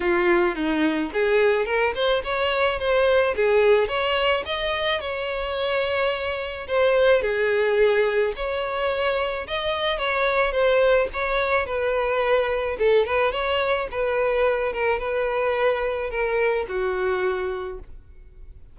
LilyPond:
\new Staff \with { instrumentName = "violin" } { \time 4/4 \tempo 4 = 108 f'4 dis'4 gis'4 ais'8 c''8 | cis''4 c''4 gis'4 cis''4 | dis''4 cis''2. | c''4 gis'2 cis''4~ |
cis''4 dis''4 cis''4 c''4 | cis''4 b'2 a'8 b'8 | cis''4 b'4. ais'8 b'4~ | b'4 ais'4 fis'2 | }